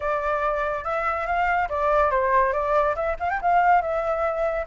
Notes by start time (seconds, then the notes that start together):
0.00 D5
0.84 E5
1.26 F5
1.69 D5
2.10 C5
2.53 D5
2.95 E5
3.19 F5
3.29 G5
3.41 F5
3.81 E5